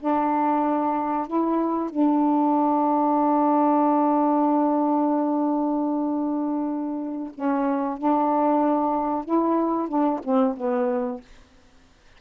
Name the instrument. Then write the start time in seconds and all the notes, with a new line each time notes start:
saxophone
0.00 D4
1.27 E4
1.90 D4
7.35 C#4
7.98 D4
9.25 E4
9.88 D4
10.24 C4
10.57 B3